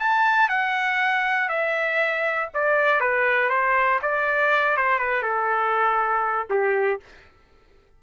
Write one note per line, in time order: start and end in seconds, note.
0.00 0.49 A5
0.49 1.49 F#5
1.49 2.49 E5
2.54 3.01 D5
3.01 3.50 B4
3.50 4.00 C5
4.02 4.77 D5
4.77 4.99 C5
4.99 5.22 B4
5.22 6.47 A4
6.50 7.00 G4